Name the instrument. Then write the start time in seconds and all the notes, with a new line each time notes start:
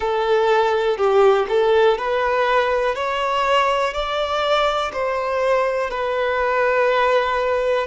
violin
0.00 A4
0.97 G4
1.48 A4
1.98 B4
2.95 C#5
3.93 D5
4.92 C5
5.90 B4